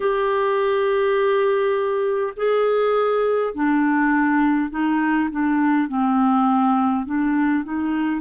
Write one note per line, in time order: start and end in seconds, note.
0.00 2.33 G4
2.36 3.53 G#4
3.54 4.70 D4
4.70 5.29 D#4
5.30 5.88 D4
5.88 7.05 C4
7.05 7.64 D4
7.64 8.21 D#4